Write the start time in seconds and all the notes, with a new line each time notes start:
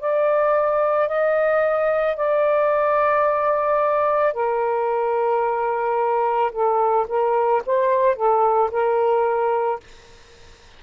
0.00 D5
1.09 D#5
2.17 D5
4.33 A#4
6.52 A4
7.08 A#4
7.66 C5
8.16 A4
8.71 A#4